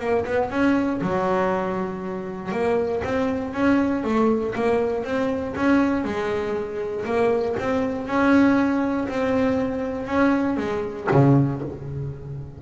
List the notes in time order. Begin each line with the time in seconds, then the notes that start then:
0.00 A#3
0.26 B3
0.50 C#4
1.02 F#3
2.52 A#3
3.04 C4
3.54 C#4
4.04 A3
4.55 A#3
5.04 C4
5.56 C#4
6.04 G#3
7.06 A#3
7.60 C4
8.07 C#4
9.08 C4
10.07 C#4
10.57 G#3
11.12 C#3